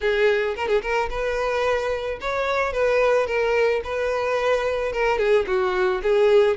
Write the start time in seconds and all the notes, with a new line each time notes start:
0.00 G#4
0.56 A#4
0.68 G#4
0.82 A#4
1.10 B4
2.20 C#5
2.72 B4
3.26 A#4
3.83 B4
4.92 A#4
5.18 G#4
5.47 F#4
6.02 G#4